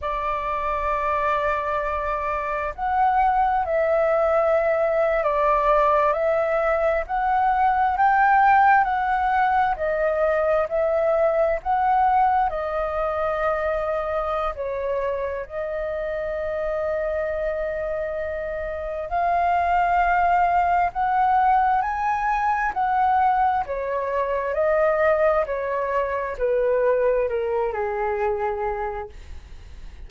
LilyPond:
\new Staff \with { instrumentName = "flute" } { \time 4/4 \tempo 4 = 66 d''2. fis''4 | e''4.~ e''16 d''4 e''4 fis''16~ | fis''8. g''4 fis''4 dis''4 e''16~ | e''8. fis''4 dis''2~ dis''16 |
cis''4 dis''2.~ | dis''4 f''2 fis''4 | gis''4 fis''4 cis''4 dis''4 | cis''4 b'4 ais'8 gis'4. | }